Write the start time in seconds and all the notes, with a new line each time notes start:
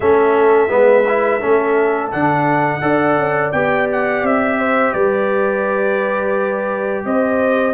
0.00 A3 C#4 A4 E5
0.68 G#3 B3 B4
1.08 E4
1.39 A3 C#4 A4
2.11 D3 D4 F#5
2.81 D4 A4 D5
3.17 C#4
3.52 B3 G4 G5
3.91 F#5
4.22 C4 E5
4.58 C5
4.93 G3 B4 D5
7.05 C4 C5 D#5